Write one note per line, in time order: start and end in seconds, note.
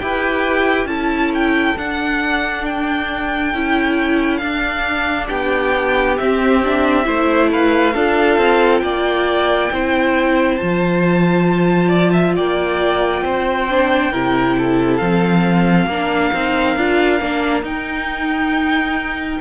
0.00 0.86 E4
0.00 0.88 G4
0.00 0.88 B4
0.00 0.87 G5
0.86 1.74 C#4
0.86 1.76 E4
0.86 5.28 A4
0.86 1.31 A5
1.34 1.78 G5
1.77 3.54 D4
1.77 2.65 F#5
2.65 4.38 G5
3.54 4.41 C#4
3.54 4.42 E4
4.38 5.29 D4
4.38 6.18 D4
4.38 5.26 F5
5.28 6.19 B3
5.28 7.05 G4
5.28 6.16 G5
6.17 6.63 C4
6.17 7.07 C4
6.17 7.50 E5
6.64 7.04 D4
7.04 7.95 A3
7.04 7.93 E4
7.04 7.49 C5
7.52 7.94 B4
7.52 8.79 F5
7.94 8.38 D4
7.94 9.72 F4
7.94 8.82 A4
8.38 8.82 C4
8.79 9.70 A#3
8.79 9.72 D5
8.79 10.56 G5
9.72 10.60 C4
9.72 10.59 E4
9.72 11.89 C5
10.57 12.38 F3
10.57 13.68 F4
10.57 12.33 A5
11.89 12.11 D5
12.13 12.35 E5
12.36 13.22 A#3
12.36 13.24 D5
12.36 14.97 G5
13.22 14.10 C4
13.22 14.12 C5
13.70 14.13 D4
14.12 15.01 C3
14.12 15.01 E4
14.12 14.56 A#4
14.58 15.89 A4
14.97 15.87 F3
14.97 15.90 C4
14.97 17.62 F5
15.87 16.31 A#3
15.87 16.34 D4
15.87 19.41 A#4
16.33 16.77 C4
16.33 16.78 D#4
16.77 17.21 D4
16.77 17.20 F4
17.20 17.63 A#3
17.20 17.63 D4
17.63 19.40 D#4
17.63 19.41 G5